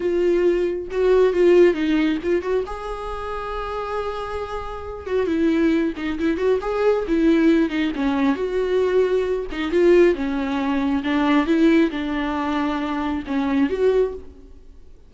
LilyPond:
\new Staff \with { instrumentName = "viola" } { \time 4/4 \tempo 4 = 136 f'2 fis'4 f'4 | dis'4 f'8 fis'8 gis'2~ | gis'2.~ gis'8 fis'8 | e'4. dis'8 e'8 fis'8 gis'4 |
e'4. dis'8 cis'4 fis'4~ | fis'4. dis'8 f'4 cis'4~ | cis'4 d'4 e'4 d'4~ | d'2 cis'4 fis'4 | }